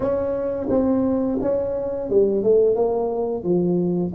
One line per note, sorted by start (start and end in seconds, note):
0.00 0.67 C#4
0.69 1.38 C4
1.41 2.09 C#4
2.09 2.43 G3
2.43 2.75 A3
2.75 3.43 A#3
3.43 4.12 F3